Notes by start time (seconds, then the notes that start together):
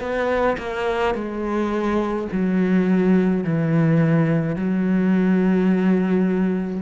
0.00 B3
0.58 A#3
1.15 G#3
2.32 F#3
3.44 E3
4.56 F#3